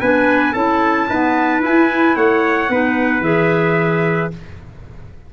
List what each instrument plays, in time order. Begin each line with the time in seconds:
0.00 tuba B3, clarinet D4, trumpet B4 G#5
0.52 tuba C#4, clarinet E4, trumpet A4 A5
1.09 clarinet B3, tuba D#4, trumpet B4
1.59 clarinet E4, tuba E4, trumpet G#5
2.16 tuba A3, trumpet C#5 F#5
2.69 tuba B3, clarinet D#4, trumpet B4
3.20 tuba E3, clarinet G#4, trumpet E5